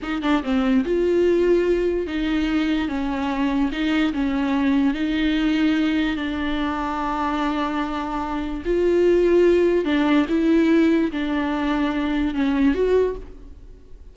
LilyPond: \new Staff \with { instrumentName = "viola" } { \time 4/4 \tempo 4 = 146 dis'8 d'8 c'4 f'2~ | f'4 dis'2 cis'4~ | cis'4 dis'4 cis'2 | dis'2. d'4~ |
d'1~ | d'4 f'2. | d'4 e'2 d'4~ | d'2 cis'4 fis'4 | }